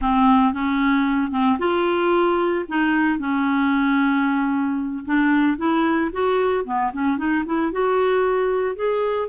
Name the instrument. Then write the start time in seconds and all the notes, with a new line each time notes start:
clarinet
0.01 C4
0.53 C#4
1.31 C4
1.59 F4
2.68 D#4
3.18 C#4
5.05 D4
5.57 E4
6.12 F#4
6.65 B3
6.92 C#4
7.17 D#4
7.45 E4
7.72 F#4
8.75 G#4